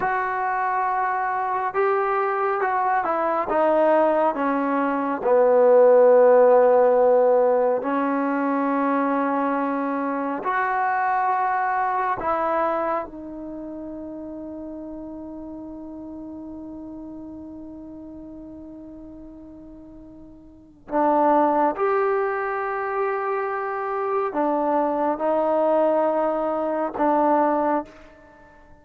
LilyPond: \new Staff \with { instrumentName = "trombone" } { \time 4/4 \tempo 4 = 69 fis'2 g'4 fis'8 e'8 | dis'4 cis'4 b2~ | b4 cis'2. | fis'2 e'4 dis'4~ |
dis'1~ | dis'1 | d'4 g'2. | d'4 dis'2 d'4 | }